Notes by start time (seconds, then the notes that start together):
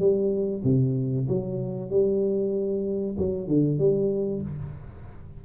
0.00 G3
0.64 C3
1.29 F#3
1.91 G3
3.18 F#3
3.48 D3
3.79 G3